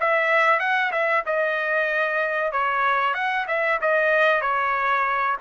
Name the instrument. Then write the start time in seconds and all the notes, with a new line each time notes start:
trumpet
0.00 E5
0.59 F#5
0.91 E5
1.26 D#5
2.52 C#5
3.14 F#5
3.47 E5
3.81 D#5
4.41 C#5